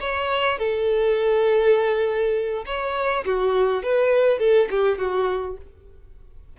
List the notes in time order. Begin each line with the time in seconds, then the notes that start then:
0.00 C#5
0.58 A4
2.66 C#5
3.25 F#4
3.83 B4
4.39 A4
4.70 G4
4.98 F#4